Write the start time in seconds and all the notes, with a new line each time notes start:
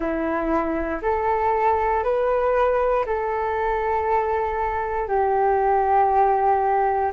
0.00 E4
1.02 A4
2.03 B4
3.06 A4
5.08 G4